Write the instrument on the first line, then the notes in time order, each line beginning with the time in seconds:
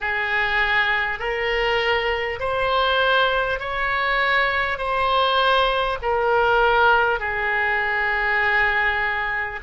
oboe
0.00 G#4
1.19 A#4
2.39 C5
3.59 C#5
4.77 C5
6.02 A#4
7.19 G#4